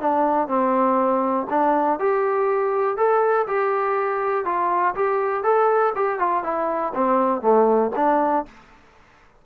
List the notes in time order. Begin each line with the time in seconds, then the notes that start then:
0.00 D4
0.48 C4
1.50 D4
1.99 G4
2.97 A4
3.47 G4
4.45 F4
4.95 G4
5.43 A4
5.95 G4
6.19 F4
6.43 E4
6.95 C4
7.41 A3
7.96 D4